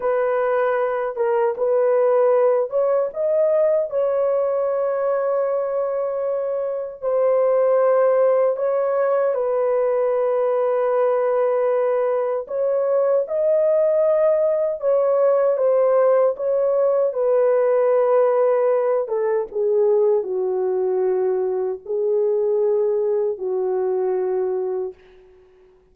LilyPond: \new Staff \with { instrumentName = "horn" } { \time 4/4 \tempo 4 = 77 b'4. ais'8 b'4. cis''8 | dis''4 cis''2.~ | cis''4 c''2 cis''4 | b'1 |
cis''4 dis''2 cis''4 | c''4 cis''4 b'2~ | b'8 a'8 gis'4 fis'2 | gis'2 fis'2 | }